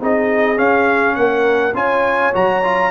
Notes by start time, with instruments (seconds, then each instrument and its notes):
0.00 tuba C4, trombone D#4, horn G#4, trumpet D#5
0.56 trombone C#4, tuba C#4, trumpet F5
1.15 tuba A#3, horn A#4, trumpet F#5
1.74 tuba C#4, trombone F4, horn C#5, trumpet G#5
2.33 tuba F#3, trombone F#4, trumpet A#5
2.63 trombone F4